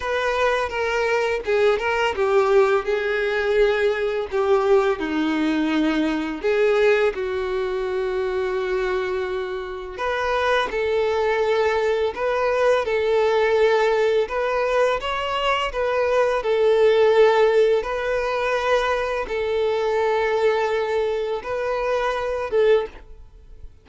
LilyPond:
\new Staff \with { instrumentName = "violin" } { \time 4/4 \tempo 4 = 84 b'4 ais'4 gis'8 ais'8 g'4 | gis'2 g'4 dis'4~ | dis'4 gis'4 fis'2~ | fis'2 b'4 a'4~ |
a'4 b'4 a'2 | b'4 cis''4 b'4 a'4~ | a'4 b'2 a'4~ | a'2 b'4. a'8 | }